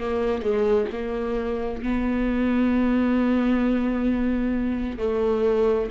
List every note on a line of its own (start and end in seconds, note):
0.00 0.43 A#3
0.43 0.88 G#3
0.93 1.83 A#3
1.83 4.99 B3
4.99 5.90 A3